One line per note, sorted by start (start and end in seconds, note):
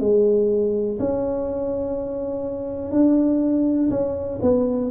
0.00 0.98 G#3
1.00 2.92 C#4
2.92 3.90 D4
3.90 4.39 C#4
4.42 4.91 B3